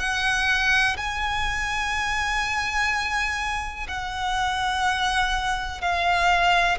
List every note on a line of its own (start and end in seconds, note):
0.00 0.97 F#5
0.97 3.88 G#5
3.88 5.82 F#5
5.82 6.78 F5